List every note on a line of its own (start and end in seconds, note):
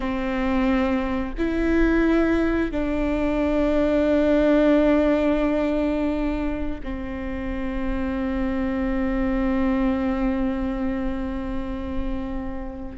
0.00 1.33 C4
1.38 2.71 E4
2.71 6.80 D4
6.83 12.97 C4